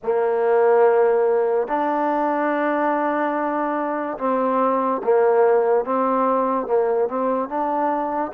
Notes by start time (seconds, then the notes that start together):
0.03 A#3
1.67 D4
4.18 C4
5.03 A#3
5.84 C4
6.66 A#3
7.08 C4
7.48 D4